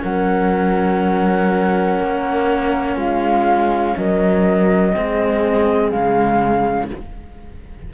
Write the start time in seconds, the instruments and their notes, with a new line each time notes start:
0.00 cello F#3 C#4, horn A#4, flute F#5
2.00 cello A#3
2.97 cello G#3, horn F4, flute F5
3.97 cello F#3, horn A#4, flute D#5
4.94 cello G#3 C4, horn G#4
5.90 cello C#3 G#3, flute F5